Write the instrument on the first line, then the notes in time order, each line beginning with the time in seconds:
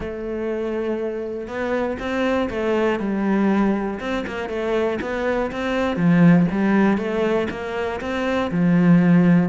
cello
0.00 A3
1.47 B3
1.99 C4
2.50 A3
2.99 G3
4.00 C4
4.26 A#3
4.49 A3
5.01 B3
5.51 C4
5.96 F3
6.51 G3
6.97 A3
7.50 A#3
8.00 C4
8.51 F3